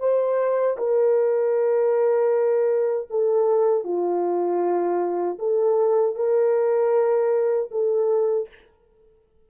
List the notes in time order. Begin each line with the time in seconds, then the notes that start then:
0.00 C5
0.78 A#4
3.10 A4
3.84 F4
5.39 A4
6.16 A#4
7.72 A4